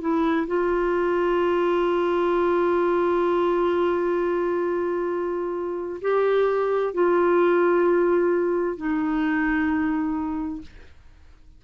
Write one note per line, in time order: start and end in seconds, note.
0.00 0.46 E4
0.47 6.00 F4
6.01 6.93 G4
6.94 8.77 F4
8.77 10.61 D#4